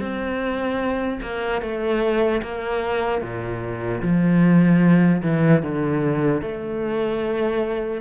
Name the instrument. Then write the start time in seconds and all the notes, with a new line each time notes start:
cello
0.00 C4
1.22 A#3
1.61 A3
2.42 A#3
3.21 A#2
4.02 F3
5.22 E3
5.62 D3
6.41 A3